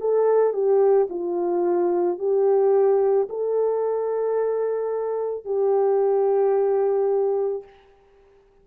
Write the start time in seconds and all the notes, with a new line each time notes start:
0.00 A4
0.53 G4
1.10 F4
2.19 G4
3.29 A4
5.44 G4